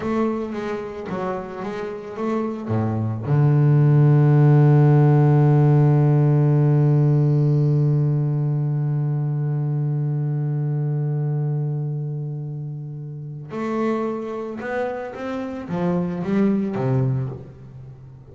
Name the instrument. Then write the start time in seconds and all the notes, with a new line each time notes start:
double bass
0.00 A3
0.53 G#3
1.09 F#3
1.62 G#3
2.16 A3
2.68 A2
3.26 D3
13.51 A3
14.59 B3
15.14 C4
15.68 F3
16.23 G3
16.75 C3